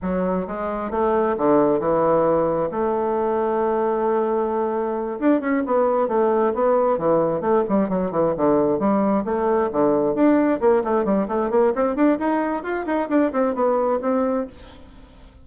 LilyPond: \new Staff \with { instrumentName = "bassoon" } { \time 4/4 \tempo 4 = 133 fis4 gis4 a4 d4 | e2 a2~ | a2.~ a8 d'8 | cis'8 b4 a4 b4 e8~ |
e8 a8 g8 fis8 e8 d4 g8~ | g8 a4 d4 d'4 ais8 | a8 g8 a8 ais8 c'8 d'8 dis'4 | f'8 dis'8 d'8 c'8 b4 c'4 | }